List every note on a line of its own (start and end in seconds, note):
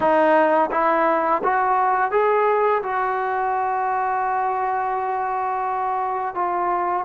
0.00 0.70 D#4
0.71 1.41 E4
1.43 2.11 F#4
2.11 2.81 G#4
2.82 6.35 F#4
6.35 7.05 F4